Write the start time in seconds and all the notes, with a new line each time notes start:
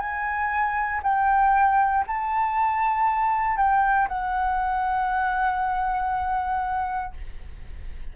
0.00 G#5
1.04 G5
2.08 A5
3.58 G5
4.09 F#5